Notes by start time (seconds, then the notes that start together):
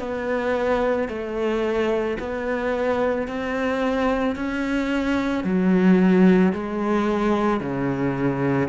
0.00 B3
1.09 A3
2.20 B3
3.28 C4
4.36 C#4
5.44 F#3
6.54 G#3
7.61 C#3